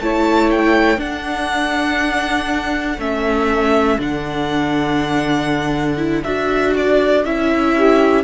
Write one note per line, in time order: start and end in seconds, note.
0.00 0.97 A3
0.00 0.97 E4
0.00 0.99 C#5
0.00 0.50 A5
0.51 1.00 G5
0.97 2.98 D4
0.97 7.74 A4
0.97 3.00 F#5
2.98 3.98 A3
2.98 3.99 C#4
2.98 4.00 E5
3.99 6.24 D3
3.99 5.97 D4
3.99 6.23 F#5
5.97 6.22 E4
6.23 7.25 D4
6.23 7.24 F#4
6.23 6.73 E5
6.77 7.25 D5
7.25 8.24 C#4
7.25 8.24 E4
7.25 8.24 E5
7.74 8.24 G4